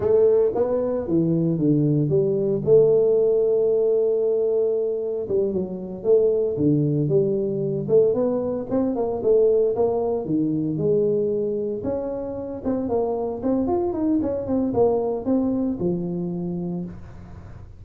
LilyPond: \new Staff \with { instrumentName = "tuba" } { \time 4/4 \tempo 4 = 114 a4 b4 e4 d4 | g4 a2.~ | a2 g8 fis4 a8~ | a8 d4 g4. a8 b8~ |
b8 c'8 ais8 a4 ais4 dis8~ | dis8 gis2 cis'4. | c'8 ais4 c'8 f'8 dis'8 cis'8 c'8 | ais4 c'4 f2 | }